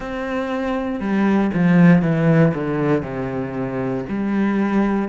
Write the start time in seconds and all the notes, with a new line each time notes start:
0.00 C4
0.99 G3
1.53 F3
2.02 E3
2.54 D3
3.02 C3
4.08 G3